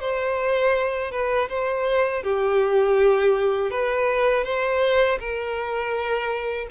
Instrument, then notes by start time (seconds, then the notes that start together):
violin
0.00 C5
1.11 B4
1.49 C5
2.23 G4
3.70 B4
4.44 C5
5.19 A#4